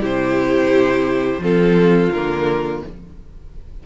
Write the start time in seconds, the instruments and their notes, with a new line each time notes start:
0.00 cello C3, viola E4, violin G4 C5
1.38 cello F3, viola C4, violin F4 A4
2.12 cello D3, viola A#3, violin A#4